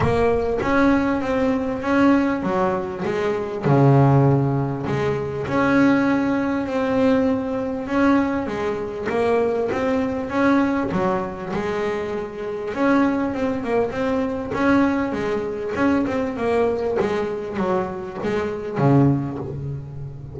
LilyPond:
\new Staff \with { instrumentName = "double bass" } { \time 4/4 \tempo 4 = 99 ais4 cis'4 c'4 cis'4 | fis4 gis4 cis2 | gis4 cis'2 c'4~ | c'4 cis'4 gis4 ais4 |
c'4 cis'4 fis4 gis4~ | gis4 cis'4 c'8 ais8 c'4 | cis'4 gis4 cis'8 c'8 ais4 | gis4 fis4 gis4 cis4 | }